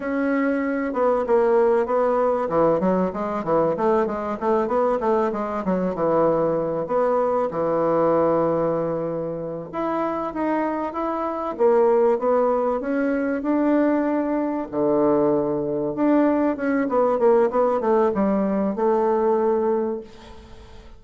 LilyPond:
\new Staff \with { instrumentName = "bassoon" } { \time 4/4 \tempo 4 = 96 cis'4. b8 ais4 b4 | e8 fis8 gis8 e8 a8 gis8 a8 b8 | a8 gis8 fis8 e4. b4 | e2.~ e8 e'8~ |
e'8 dis'4 e'4 ais4 b8~ | b8 cis'4 d'2 d8~ | d4. d'4 cis'8 b8 ais8 | b8 a8 g4 a2 | }